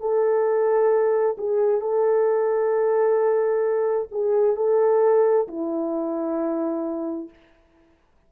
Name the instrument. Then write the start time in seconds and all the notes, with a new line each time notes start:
horn
0.00 A4
1.38 G#4
1.81 A4
4.12 G#4
4.56 A4
5.48 E4